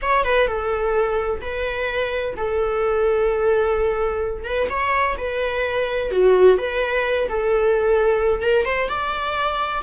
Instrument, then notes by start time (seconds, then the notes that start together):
viola
0.02 C#5
0.24 B4
0.47 A4
1.41 B4
2.36 A4
4.44 B4
4.69 C#5
5.17 B4
6.11 F#4
6.58 B4
7.28 A4
8.42 A#4
8.65 C5
8.88 D5